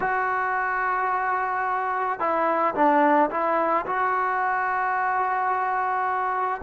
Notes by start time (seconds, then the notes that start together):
0.00 F#4
2.19 E4
2.74 D4
3.30 E4
3.86 F#4